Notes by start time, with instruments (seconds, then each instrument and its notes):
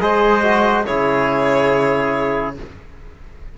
0.00 cello G#3, trombone G#4, trumpet C5, violin D#5
0.43 trombone F#4
0.86 cello C#3, trombone E4, trumpet G#4, violin C#5